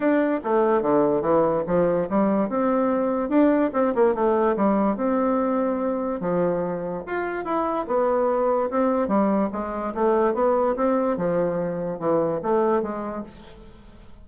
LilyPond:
\new Staff \with { instrumentName = "bassoon" } { \time 4/4 \tempo 4 = 145 d'4 a4 d4 e4 | f4 g4 c'2 | d'4 c'8 ais8 a4 g4 | c'2. f4~ |
f4 f'4 e'4 b4~ | b4 c'4 g4 gis4 | a4 b4 c'4 f4~ | f4 e4 a4 gis4 | }